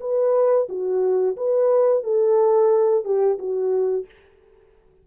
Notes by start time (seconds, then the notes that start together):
0.00 B4
0.69 F#4
1.37 B4
2.03 A4
3.04 G4
3.38 F#4